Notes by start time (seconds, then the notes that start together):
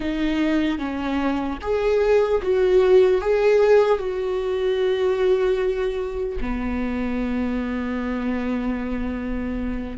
0.00 D#4
0.78 C#4
1.61 G#4
2.42 F#4
3.21 G#4
3.98 F#4
6.40 B3